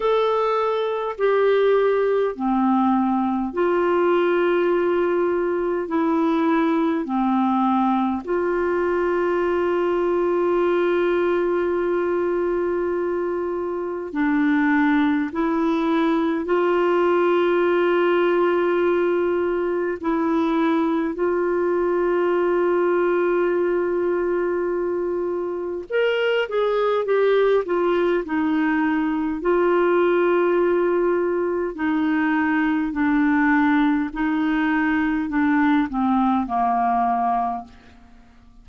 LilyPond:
\new Staff \with { instrumentName = "clarinet" } { \time 4/4 \tempo 4 = 51 a'4 g'4 c'4 f'4~ | f'4 e'4 c'4 f'4~ | f'1 | d'4 e'4 f'2~ |
f'4 e'4 f'2~ | f'2 ais'8 gis'8 g'8 f'8 | dis'4 f'2 dis'4 | d'4 dis'4 d'8 c'8 ais4 | }